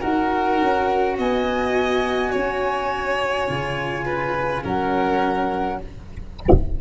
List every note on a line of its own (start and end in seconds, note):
0.00 0.61 D#4
0.00 3.47 F#4
0.00 1.15 A#4
0.00 1.16 F#5
0.61 1.18 C#4
1.18 2.33 B3
1.18 2.31 D#5
1.18 4.65 G#5
2.31 3.49 C#4
2.31 4.04 C#5
3.48 4.64 C#3
3.48 4.63 F4
4.05 4.62 B4
4.63 5.80 F#3
4.63 5.79 C#4
4.63 5.79 A#4
4.63 5.80 F#5